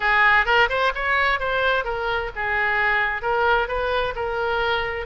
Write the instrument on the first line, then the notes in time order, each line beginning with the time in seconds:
oboe
0.00 G#4
0.45 A#4
0.69 C5
0.94 C#5
1.39 C5
1.84 A#4
2.35 G#4
3.21 A#4
3.68 B4
4.15 A#4